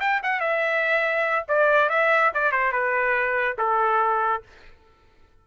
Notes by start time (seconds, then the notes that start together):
0.00 G5
0.23 F#5
0.40 E5
1.48 D5
1.90 E5
2.34 D5
2.52 C5
2.72 B4
3.58 A4